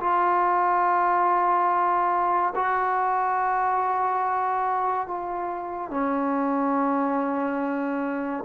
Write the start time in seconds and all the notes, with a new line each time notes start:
0.00 F4
2.55 F#4
5.07 F4
5.90 C#4